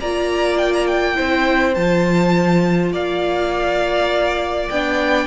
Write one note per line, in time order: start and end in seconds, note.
0.00 1.18 A#3
0.00 1.15 F4
0.00 1.16 D5
0.00 0.57 A#5
0.57 0.72 G5
0.73 0.87 A#5
0.87 1.74 G5
1.15 1.76 C4
1.15 1.74 E4
1.15 2.92 C5
1.74 2.92 F3
1.74 4.72 F4
1.74 2.92 A5
2.92 4.68 A#3
2.92 5.26 D5
2.92 4.69 F5
4.69 5.26 B3
4.69 5.26 D4
4.69 5.26 G5